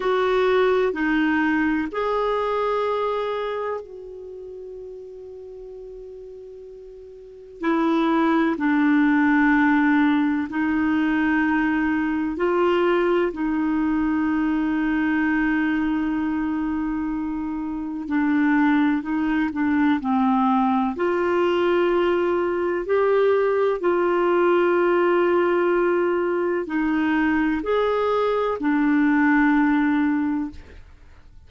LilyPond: \new Staff \with { instrumentName = "clarinet" } { \time 4/4 \tempo 4 = 63 fis'4 dis'4 gis'2 | fis'1 | e'4 d'2 dis'4~ | dis'4 f'4 dis'2~ |
dis'2. d'4 | dis'8 d'8 c'4 f'2 | g'4 f'2. | dis'4 gis'4 d'2 | }